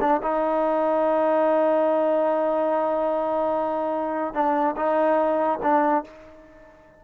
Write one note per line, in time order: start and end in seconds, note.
0.00 0.21 D4
0.22 4.34 D#4
4.34 4.75 D4
4.76 5.59 D#4
5.62 6.03 D4